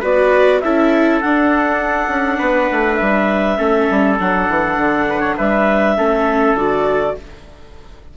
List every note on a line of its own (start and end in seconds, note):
0.00 0.62 B3
0.00 0.62 F#4
0.00 0.59 B4
0.00 0.60 D5
0.60 1.22 C#4
0.60 1.23 E4
0.60 2.38 A4
0.60 1.20 E5
1.20 3.57 D4
1.20 2.08 D4
1.20 2.95 F#5
2.08 2.37 C#4
2.38 2.70 B3
2.38 3.57 B4
2.71 3.01 A3
2.95 3.58 G3
2.95 4.13 E5
3.57 3.88 A3
3.57 4.17 C#4
3.57 5.06 A4
3.90 4.19 G3
4.19 4.49 F#3
4.19 5.97 D4
4.19 5.37 F#5
4.49 4.76 E3
4.76 5.36 D3
5.09 5.19 B4
5.19 5.34 C#5
5.37 5.98 G3
5.37 5.96 B4
5.37 6.56 E5
5.97 6.54 A3
5.97 6.57 C#4
5.97 7.16 A4
6.54 7.13 D3
6.54 7.16 F#4
6.54 7.15 D5